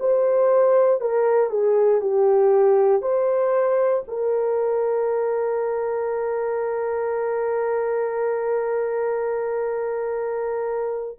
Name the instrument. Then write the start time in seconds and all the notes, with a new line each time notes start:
horn
0.00 C5
1.01 A#4
1.50 G#4
2.01 G4
3.02 C5
4.08 A#4